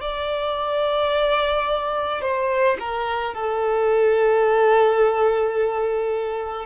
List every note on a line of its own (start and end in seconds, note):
0.00 2.21 D5
2.21 2.77 C5
2.79 3.34 A#4
3.34 6.65 A4